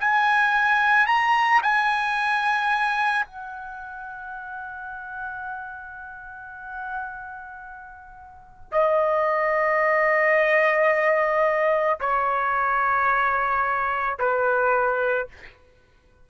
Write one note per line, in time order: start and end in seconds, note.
0.00 1.07 G#5
1.07 1.62 A#5
1.63 3.26 G#5
3.26 8.71 F#5
8.72 12.00 D#5
12.01 14.19 C#5
14.19 15.28 B4